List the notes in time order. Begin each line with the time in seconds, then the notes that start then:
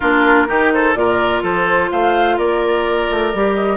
0.00 A#3 D4 F4 A#4
0.47 D#3 D#4 G4
0.72 A4 C5
0.95 A#2 F4 A#4 D5
1.42 F3 A4 C5
1.91 A3 C5 F5
2.36 A#3 A#4 D5
3.10 A3
3.34 G3 G4
3.55 D#5